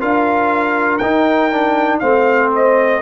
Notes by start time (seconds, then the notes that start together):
0.00 D4 F4 A#4 F5
0.98 D#4 G5
1.52 D4
2.00 A3 C4 C5 F5
2.55 D#5